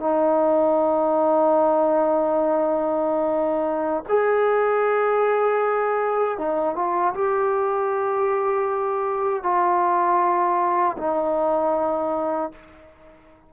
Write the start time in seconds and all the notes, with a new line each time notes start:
0.00 D#4
4.09 G#4
6.38 D#4
6.76 F4
7.15 G4
9.43 F4
10.98 D#4